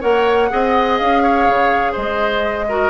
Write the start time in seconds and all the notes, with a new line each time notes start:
0.00 A#3 A#4 C#5 F#5
0.49 C4 G#4 D#5
0.97 C#4 F5
1.23 C#5
1.48 C#3
1.92 G#3 C5 D#5
2.68 F#4 A#4